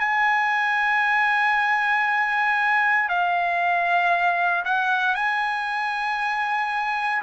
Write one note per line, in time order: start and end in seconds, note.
0.00 3.09 G#5
3.09 4.64 F5
4.65 5.15 F#5
5.15 7.22 G#5